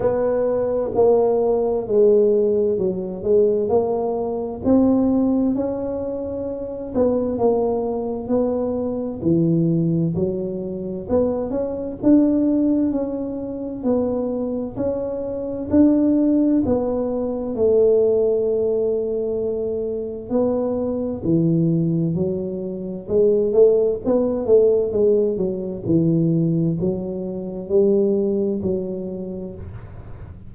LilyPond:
\new Staff \with { instrumentName = "tuba" } { \time 4/4 \tempo 4 = 65 b4 ais4 gis4 fis8 gis8 | ais4 c'4 cis'4. b8 | ais4 b4 e4 fis4 | b8 cis'8 d'4 cis'4 b4 |
cis'4 d'4 b4 a4~ | a2 b4 e4 | fis4 gis8 a8 b8 a8 gis8 fis8 | e4 fis4 g4 fis4 | }